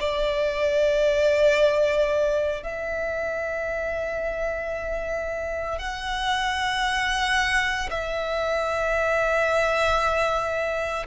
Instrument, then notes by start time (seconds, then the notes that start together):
violin
0.00 D5
2.64 E5
5.79 F#5
7.90 E5